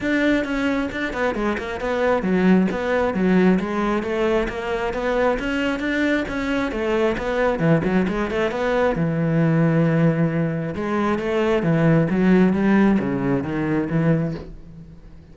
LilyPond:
\new Staff \with { instrumentName = "cello" } { \time 4/4 \tempo 4 = 134 d'4 cis'4 d'8 b8 gis8 ais8 | b4 fis4 b4 fis4 | gis4 a4 ais4 b4 | cis'4 d'4 cis'4 a4 |
b4 e8 fis8 gis8 a8 b4 | e1 | gis4 a4 e4 fis4 | g4 cis4 dis4 e4 | }